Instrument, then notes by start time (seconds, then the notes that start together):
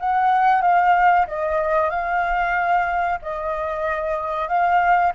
flute
0.00 F#5
0.62 F5
1.28 D#5
1.91 F5
3.23 D#5
4.49 F5